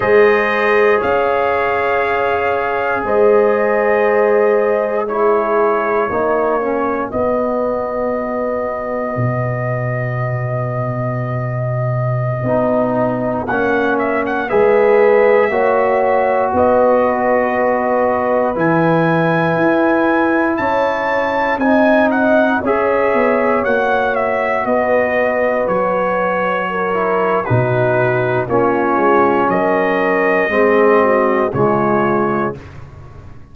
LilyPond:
<<
  \new Staff \with { instrumentName = "trumpet" } { \time 4/4 \tempo 4 = 59 dis''4 f''2 dis''4~ | dis''4 cis''2 dis''4~ | dis''1~ | dis''4~ dis''16 fis''8 e''16 fis''16 e''4.~ e''16~ |
e''16 dis''2 gis''4.~ gis''16~ | gis''16 a''4 gis''8 fis''8 e''4 fis''8 e''16~ | e''16 dis''4 cis''4.~ cis''16 b'4 | cis''4 dis''2 cis''4 | }
  \new Staff \with { instrumentName = "horn" } { \time 4/4 c''4 cis''2 c''4~ | c''4 gis'4 fis'2~ | fis'1~ | fis'2~ fis'16 b'4 cis''8.~ |
cis''16 b'2.~ b'8.~ | b'16 cis''4 dis''4 cis''4.~ cis''16~ | cis''16 b'2 ais'8. fis'4 | f'4 ais'4 gis'8 fis'8 f'4 | }
  \new Staff \with { instrumentName = "trombone" } { \time 4/4 gis'1~ | gis'4 e'4 dis'8 cis'8 b4~ | b1~ | b16 dis'4 cis'4 gis'4 fis'8.~ |
fis'2~ fis'16 e'4.~ e'16~ | e'4~ e'16 dis'4 gis'4 fis'8.~ | fis'2~ fis'8 e'8 dis'4 | cis'2 c'4 gis4 | }
  \new Staff \with { instrumentName = "tuba" } { \time 4/4 gis4 cis'2 gis4~ | gis2 ais4 b4~ | b4 b,2.~ | b,16 b4 ais4 gis4 ais8.~ |
ais16 b2 e4 e'8.~ | e'16 cis'4 c'4 cis'8 b8 ais8.~ | ais16 b4 fis4.~ fis16 b,4 | ais8 gis8 fis4 gis4 cis4 | }
>>